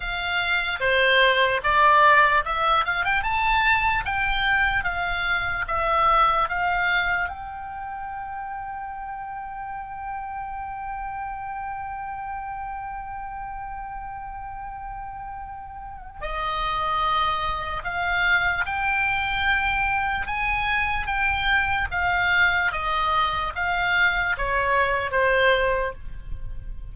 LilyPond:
\new Staff \with { instrumentName = "oboe" } { \time 4/4 \tempo 4 = 74 f''4 c''4 d''4 e''8 f''16 g''16 | a''4 g''4 f''4 e''4 | f''4 g''2.~ | g''1~ |
g''1 | dis''2 f''4 g''4~ | g''4 gis''4 g''4 f''4 | dis''4 f''4 cis''4 c''4 | }